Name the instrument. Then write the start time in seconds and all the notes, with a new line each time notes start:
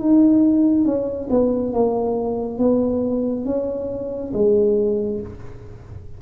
tuba
0.00 D#4
0.85 C#4
1.30 B3
1.73 A#3
2.58 B3
3.45 C#4
4.33 G#3